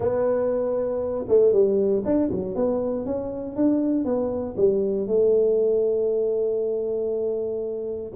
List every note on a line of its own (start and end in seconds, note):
0.00 1.25 B3
1.28 1.52 A3
1.52 2.03 G3
2.05 2.30 D4
2.30 2.55 F#3
2.55 3.05 B3
3.05 3.56 C#4
3.56 4.04 D4
4.04 4.55 B3
4.56 5.07 G3
5.07 8.12 A3